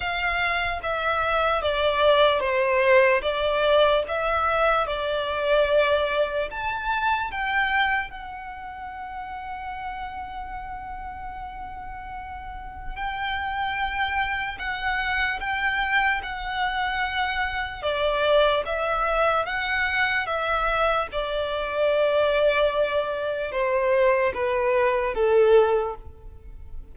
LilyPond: \new Staff \with { instrumentName = "violin" } { \time 4/4 \tempo 4 = 74 f''4 e''4 d''4 c''4 | d''4 e''4 d''2 | a''4 g''4 fis''2~ | fis''1 |
g''2 fis''4 g''4 | fis''2 d''4 e''4 | fis''4 e''4 d''2~ | d''4 c''4 b'4 a'4 | }